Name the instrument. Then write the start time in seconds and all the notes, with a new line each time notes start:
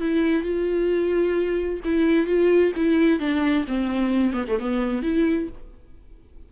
viola
0.00 E4
0.42 F4
1.84 E4
2.26 F4
2.76 E4
3.19 D4
3.67 C4
4.33 B3
4.48 A3
4.59 B3
5.02 E4